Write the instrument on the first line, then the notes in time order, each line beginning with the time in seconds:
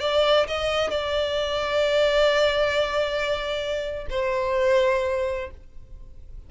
violin
0.00 D5
0.48 D#5
0.91 D5
4.10 C5